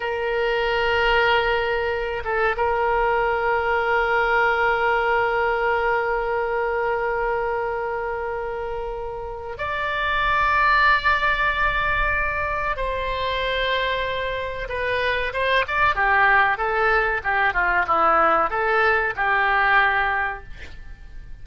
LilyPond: \new Staff \with { instrumentName = "oboe" } { \time 4/4 \tempo 4 = 94 ais'2.~ ais'8 a'8 | ais'1~ | ais'1~ | ais'2. d''4~ |
d''1 | c''2. b'4 | c''8 d''8 g'4 a'4 g'8 f'8 | e'4 a'4 g'2 | }